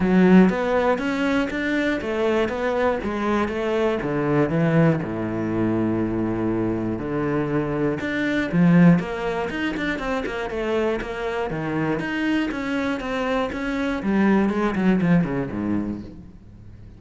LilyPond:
\new Staff \with { instrumentName = "cello" } { \time 4/4 \tempo 4 = 120 fis4 b4 cis'4 d'4 | a4 b4 gis4 a4 | d4 e4 a,2~ | a,2 d2 |
d'4 f4 ais4 dis'8 d'8 | c'8 ais8 a4 ais4 dis4 | dis'4 cis'4 c'4 cis'4 | g4 gis8 fis8 f8 cis8 gis,4 | }